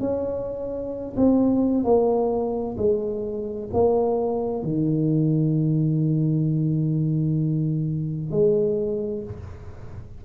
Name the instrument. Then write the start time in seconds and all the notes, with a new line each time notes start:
tuba
0.00 C#4
1.17 C4
1.84 A#3
2.77 G#3
3.73 A#3
4.63 D#3
8.32 G#3